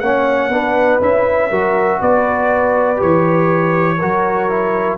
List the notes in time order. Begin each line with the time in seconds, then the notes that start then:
0.00 A#3 C#4 C#5 F#5
0.50 B3 D4 B4
1.01 C#4 E4 E5
1.50 F#3 F#4 A#4
2.01 B3 B4 D5
2.96 E3 G4 C#5
3.98 F#3 F#4 A#4
4.49 E4